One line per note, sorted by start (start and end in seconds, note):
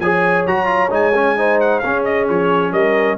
0.00 0.45 F3
0.00 0.48 G#4
0.00 1.38 C#5
0.00 0.46 G#5
0.47 0.91 F#3
0.47 0.66 F#4
0.47 0.92 A#5
0.66 0.89 F4
0.90 1.82 G#3
0.90 1.13 D#4
0.90 1.61 G#5
1.15 1.37 C#4
1.37 1.83 D#4
1.37 1.84 C5
1.61 1.80 F#5
1.80 3.19 C#4
1.80 2.29 C#4
1.80 2.72 G#4
1.80 2.02 F5
2.05 2.28 D#5
2.29 2.73 F3
2.29 2.73 C#5
2.72 3.18 G3
2.72 3.18 A#4
2.72 3.18 D#5